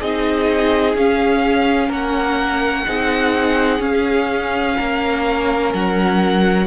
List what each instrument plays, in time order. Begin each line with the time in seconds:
0.00 cello C4, viola D#4, violin G#4 D#5
0.95 cello C#4, viola C#4, violin F5
1.88 cello A#3, violin A#4 F#5
2.86 cello C4, viola D#4, violin G#4
3.79 viola C#4, cello C#4, violin F5
4.77 cello A#3, violin A#4
5.74 cello F#3, violin F#5